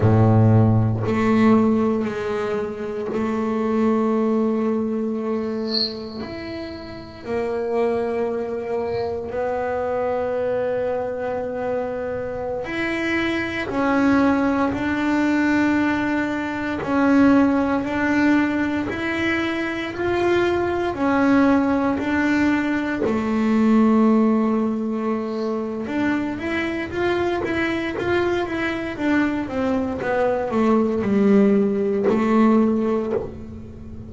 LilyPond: \new Staff \with { instrumentName = "double bass" } { \time 4/4 \tempo 4 = 58 a,4 a4 gis4 a4~ | a2 e'4 ais4~ | ais4 b2.~ | b16 e'4 cis'4 d'4.~ d'16~ |
d'16 cis'4 d'4 e'4 f'8.~ | f'16 cis'4 d'4 a4.~ a16~ | a4 d'8 e'8 f'8 e'8 f'8 e'8 | d'8 c'8 b8 a8 g4 a4 | }